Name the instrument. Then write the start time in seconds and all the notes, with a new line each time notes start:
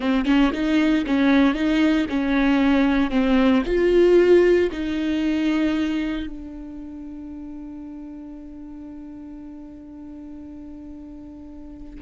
viola
0.00 C4
0.25 C#4
0.52 D#4
1.06 C#4
1.54 D#4
2.09 C#4
3.10 C4
3.65 F4
4.72 D#4
6.26 D4